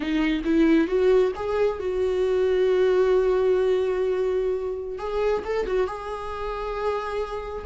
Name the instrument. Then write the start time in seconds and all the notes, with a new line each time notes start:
viola
0.00 D#4
0.44 E4
0.87 F#4
1.35 G#4
1.79 F#4
4.98 G#4
5.44 A4
5.66 F#4
5.87 G#4